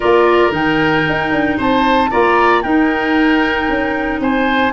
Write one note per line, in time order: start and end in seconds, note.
0.00 0.51 A#3
0.00 0.51 F4
0.00 1.57 A#4
0.00 0.53 D5
0.51 1.04 D#3
0.51 2.09 D#4
0.51 1.59 G5
1.08 1.31 D#4
1.31 1.58 D4
1.57 2.11 C4
1.57 2.10 C5
1.57 2.11 A5
2.10 2.64 A#3
2.10 2.63 F4
2.10 2.62 D5
2.10 2.62 A#5
2.62 4.73 D#4
2.62 3.68 D#4
2.62 4.20 A#4
2.62 4.20 G5
3.68 4.20 C#4
4.20 4.72 C4
4.20 4.73 C5
4.20 4.73 G#5